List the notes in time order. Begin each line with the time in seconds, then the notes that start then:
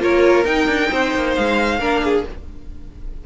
0.00 A#3 F4 A#4 C#5
0.45 D#4 G5
0.67 D4
0.92 C4 C5
1.14 A#3
1.35 G#3 F5
1.79 A#3 D4 A#4
2.04 G#4